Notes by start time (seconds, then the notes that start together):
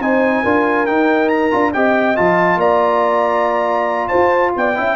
0.00 C4 D#4 C5 G#5
0.44 D4 F4 A#4
0.87 D#4 G5
1.29 A#5
1.52 D4 F4
1.74 C4 G4 D#5 G5
2.16 F3 F4 A5
2.57 A#3 D5 A#5
4.09 F4 C5 A5
4.56 B3 D5 G5
4.75 C#4 E4 E5